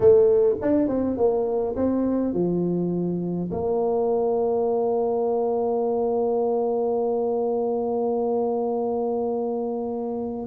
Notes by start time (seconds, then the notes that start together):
0.00 A3
0.61 D4
0.87 C4
1.17 A#3
1.76 C4
2.33 F3
3.51 A#3